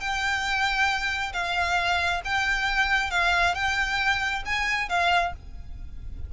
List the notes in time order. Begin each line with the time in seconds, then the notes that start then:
0.00 G5
1.33 F5
2.24 G5
3.10 F5
3.55 G5
4.45 G#5
4.89 F5